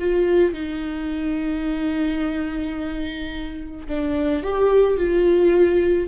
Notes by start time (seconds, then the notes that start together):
0.00 F4
0.54 D#4
3.88 D4
4.43 G4
4.97 F4